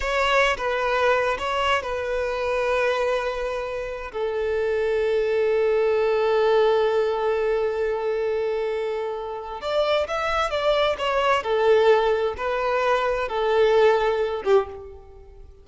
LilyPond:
\new Staff \with { instrumentName = "violin" } { \time 4/4 \tempo 4 = 131 cis''4~ cis''16 b'4.~ b'16 cis''4 | b'1~ | b'4 a'2.~ | a'1~ |
a'1~ | a'4 d''4 e''4 d''4 | cis''4 a'2 b'4~ | b'4 a'2~ a'8 g'8 | }